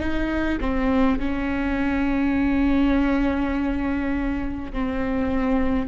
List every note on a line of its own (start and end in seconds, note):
0.00 0.59 D#4
0.60 1.19 C4
1.19 4.72 C#4
4.73 5.88 C4